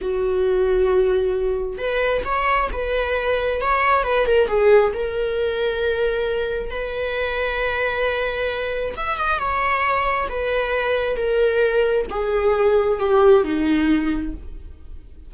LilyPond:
\new Staff \with { instrumentName = "viola" } { \time 4/4 \tempo 4 = 134 fis'1 | b'4 cis''4 b'2 | cis''4 b'8 ais'8 gis'4 ais'4~ | ais'2. b'4~ |
b'1 | e''8 dis''8 cis''2 b'4~ | b'4 ais'2 gis'4~ | gis'4 g'4 dis'2 | }